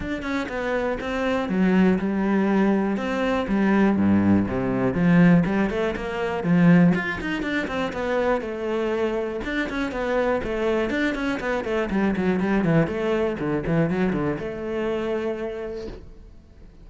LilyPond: \new Staff \with { instrumentName = "cello" } { \time 4/4 \tempo 4 = 121 d'8 cis'8 b4 c'4 fis4 | g2 c'4 g4 | g,4 c4 f4 g8 a8 | ais4 f4 f'8 dis'8 d'8 c'8 |
b4 a2 d'8 cis'8 | b4 a4 d'8 cis'8 b8 a8 | g8 fis8 g8 e8 a4 d8 e8 | fis8 d8 a2. | }